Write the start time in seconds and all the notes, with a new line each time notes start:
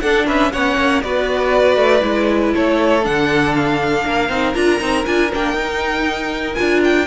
0.00 D4 A4 F#5
0.26 C#4 B4 E5
0.52 B3 C#4 C#5 F#5
0.77 A#3
1.02 B3 F#4 B4 D5
1.76 A3
2.00 G#3 E4
2.54 A3 A4 C#5
3.03 D3 D4 F#5
3.55 F5
4.05 A#3 A#4
4.29 C4 D#4
4.54 D4 F4 A#5
4.80 C4 D#4
5.06 D4 F4 G#5
5.32 A#3 D4 G5
5.53 D#4
6.55 D4 F4 G#5
6.84 G5